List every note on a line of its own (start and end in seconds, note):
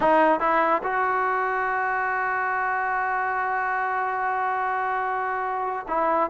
0.00 0.40 D#4
0.40 0.82 E4
0.83 5.86 F#4
5.88 6.30 E4